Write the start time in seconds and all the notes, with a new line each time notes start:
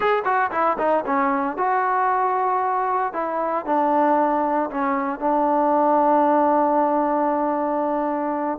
0.00 G#4
0.24 F#4
0.51 E4
0.78 D#4
1.06 C#4
1.57 F#4
3.13 E4
3.65 D4
4.70 C#4
5.19 D4